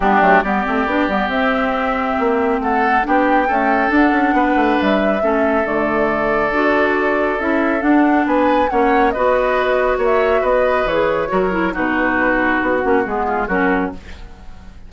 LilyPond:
<<
  \new Staff \with { instrumentName = "flute" } { \time 4/4 \tempo 4 = 138 g'4 d''2 e''4~ | e''2 fis''4 g''4~ | g''4 fis''2 e''4~ | e''4 d''2.~ |
d''4 e''4 fis''4 gis''4 | fis''4 dis''2 e''4 | dis''4 cis''2 b'4~ | b'4 fis'4 gis'4 ais'4 | }
  \new Staff \with { instrumentName = "oboe" } { \time 4/4 d'4 g'2.~ | g'2 a'4 g'4 | a'2 b'2 | a'1~ |
a'2. b'4 | cis''4 b'2 cis''4 | b'2 ais'4 fis'4~ | fis'2~ fis'8 f'8 fis'4 | }
  \new Staff \with { instrumentName = "clarinet" } { \time 4/4 b8 a8 b8 c'8 d'8 b8 c'4~ | c'2. d'4 | a4 d'2. | cis'4 a2 fis'4~ |
fis'4 e'4 d'2 | cis'4 fis'2.~ | fis'4 gis'4 fis'8 e'8 dis'4~ | dis'4. cis'8 b4 cis'4 | }
  \new Staff \with { instrumentName = "bassoon" } { \time 4/4 g8 fis8 g8 a8 b8 g8 c'4~ | c'4 ais4 a4 b4 | cis'4 d'8 cis'8 b8 a8 g4 | a4 d2 d'4~ |
d'4 cis'4 d'4 b4 | ais4 b2 ais4 | b4 e4 fis4 b,4~ | b,4 b8 ais8 gis4 fis4 | }
>>